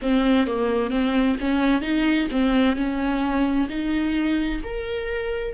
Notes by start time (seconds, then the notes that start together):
0.02 C4
0.47 A#3
0.90 C4
1.40 C#4
1.81 D#4
2.31 C4
2.76 C#4
3.69 D#4
4.63 A#4